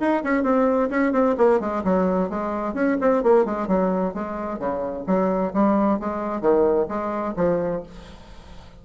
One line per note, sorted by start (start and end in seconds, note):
0.00 0.23 D#4
0.24 0.44 C#4
0.44 0.90 C4
0.90 1.13 C#4
1.13 1.36 C4
1.38 1.60 A#3
1.60 1.83 G#3
1.84 2.30 F#3
2.30 2.74 G#3
2.74 2.97 C#4
3.01 3.23 C4
3.23 3.45 A#3
3.45 3.68 G#3
3.68 4.14 F#3
4.14 4.59 G#3
4.59 5.05 C#3
5.07 5.53 F#3
5.54 6.00 G3
6.00 6.41 G#3
6.41 6.87 D#3
6.89 7.35 G#3
7.37 7.83 F3